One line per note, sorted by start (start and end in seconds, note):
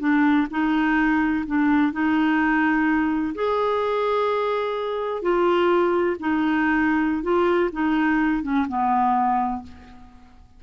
0.00 0.47 D4
0.51 1.45 D#4
1.47 1.93 D4
1.93 3.34 D#4
3.35 5.22 G#4
5.22 6.17 F4
6.20 7.23 D#4
7.23 7.70 F4
7.72 8.43 D#4
8.43 8.67 C#4
8.68 9.63 B3